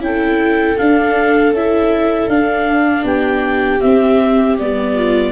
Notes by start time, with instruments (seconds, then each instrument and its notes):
0.00 tuba C#4, viola E4 A4, clarinet G5
0.78 viola D4, tuba D4, clarinet F5
1.51 tuba C#4, viola E4, clarinet E5
2.28 tuba D4, viola D4, clarinet F5
3.04 tuba B3, viola G4, clarinet G5
3.80 viola C4, tuba C4, clarinet E5
4.58 tuba G3, viola B3, clarinet D5
4.95 viola F4